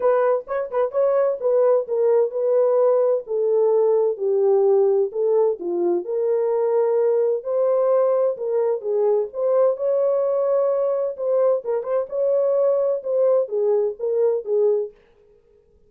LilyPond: \new Staff \with { instrumentName = "horn" } { \time 4/4 \tempo 4 = 129 b'4 cis''8 b'8 cis''4 b'4 | ais'4 b'2 a'4~ | a'4 g'2 a'4 | f'4 ais'2. |
c''2 ais'4 gis'4 | c''4 cis''2. | c''4 ais'8 c''8 cis''2 | c''4 gis'4 ais'4 gis'4 | }